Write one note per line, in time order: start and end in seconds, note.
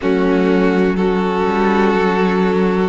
0.01 1.46 F#3
0.01 0.97 A3
0.01 0.97 C#4
0.01 0.96 F#4
0.96 2.89 C#4
0.96 2.89 F#4
0.96 2.89 A4
1.46 1.94 G3
1.94 2.89 F#3